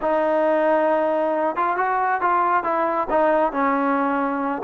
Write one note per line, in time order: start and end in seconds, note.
0.01 1.56 D#4
1.56 1.76 F4
1.76 2.21 F#4
2.21 2.63 F4
2.63 3.07 E4
3.10 3.52 D#4
3.52 4.62 C#4